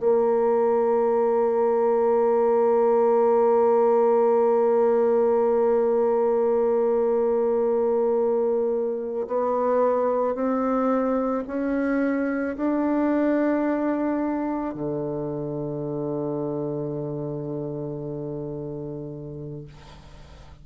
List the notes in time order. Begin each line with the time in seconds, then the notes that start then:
0.00 A#3
9.27 B3
10.35 C4
11.48 C#4
12.57 D4
14.75 D3